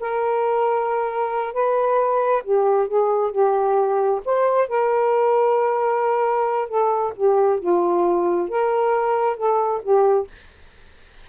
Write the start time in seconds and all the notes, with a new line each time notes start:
0.00 A#4
1.53 B4
2.44 G4
2.88 G#4
3.32 G4
4.25 C5
4.68 A#4
6.69 A4
7.16 G4
7.60 F4
8.49 A#4
9.37 A4
9.83 G4